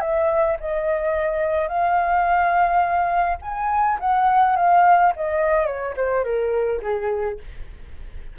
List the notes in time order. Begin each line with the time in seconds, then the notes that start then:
0.00 E5
0.60 D#5
1.67 F5
3.41 G#5
3.99 F#5
4.56 F5
5.16 D#5
5.66 C#5
5.96 C5
6.23 A#4
6.82 G#4